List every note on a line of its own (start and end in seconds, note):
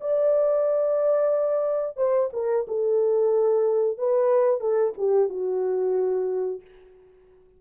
0.00 1.97 D5
1.97 2.30 C5
2.33 2.66 A#4
2.67 3.98 A4
3.98 4.60 B4
4.60 4.93 A4
4.97 5.29 G4
5.29 6.61 F#4